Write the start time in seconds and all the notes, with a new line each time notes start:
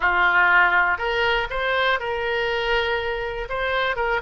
0.00 F4
0.98 A#4
1.50 C5
1.99 A#4
3.49 C5
3.96 A#4